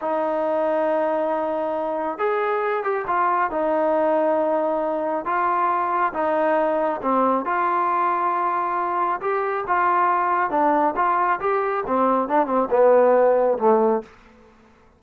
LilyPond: \new Staff \with { instrumentName = "trombone" } { \time 4/4 \tempo 4 = 137 dis'1~ | dis'4 gis'4. g'8 f'4 | dis'1 | f'2 dis'2 |
c'4 f'2.~ | f'4 g'4 f'2 | d'4 f'4 g'4 c'4 | d'8 c'8 b2 a4 | }